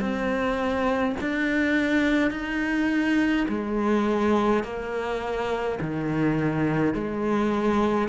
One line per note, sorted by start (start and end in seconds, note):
0.00 1.15 C4
1.21 2.31 D4
2.31 3.46 D#4
3.48 4.63 G#3
4.63 5.78 A#3
5.81 6.94 D#3
6.94 8.08 G#3